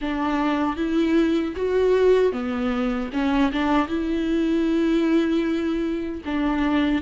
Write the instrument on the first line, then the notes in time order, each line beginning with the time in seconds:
viola
0.01 D4
0.76 E4
1.55 F#4
2.32 B3
3.12 C#4
3.52 D4
3.87 E4
6.25 D4